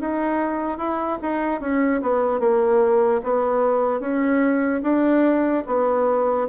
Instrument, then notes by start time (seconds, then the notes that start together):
bassoon
0.00 D#4
0.78 E4
1.22 D#4
1.61 C#4
2.02 B3
2.40 A#3
3.24 B3
4.00 C#4
4.83 D4
5.67 B3